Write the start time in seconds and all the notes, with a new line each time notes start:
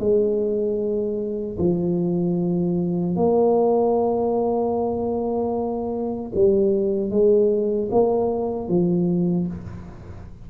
0.00 G#3
1.59 F3
3.17 A#3
6.35 G3
7.11 G#3
7.92 A#3
8.69 F3